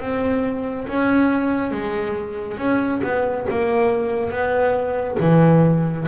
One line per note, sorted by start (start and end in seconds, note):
0.00 0.87 C4
0.88 1.72 C#4
1.72 2.58 G#3
2.58 3.01 C#4
3.03 3.47 B3
3.50 4.31 A#3
4.31 5.18 B3
5.20 6.07 E3